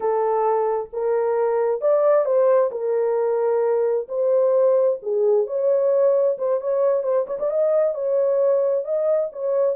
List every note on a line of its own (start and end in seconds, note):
0.00 0.89 A4
0.92 1.81 A#4
1.81 2.25 D5
2.25 2.70 C5
2.71 4.07 A#4
4.08 4.99 C5
5.02 5.46 G#4
5.46 6.37 C#5
6.38 6.60 C5
6.61 7.03 C#5
7.03 7.25 C5
7.26 7.38 C#5
7.39 7.50 D5
7.50 7.94 D#5
7.94 8.84 C#5
8.84 9.30 D#5
9.32 9.75 C#5